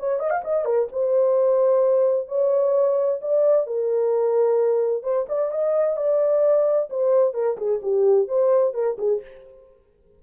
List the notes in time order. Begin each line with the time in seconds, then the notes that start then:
0.00 C#5
0.20 D#5
0.31 F5
0.45 D#5
0.65 A#4
0.93 C5
2.28 C#5
3.22 D5
3.67 A#4
5.03 C5
5.29 D5
5.51 D#5
5.97 D5
6.90 C5
7.34 A#4
7.58 G#4
7.83 G4
8.28 C5
8.74 A#4
8.99 G#4